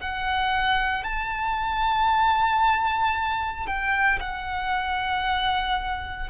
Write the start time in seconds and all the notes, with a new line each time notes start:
0.00 F#5
1.03 A5
3.67 G5
4.20 F#5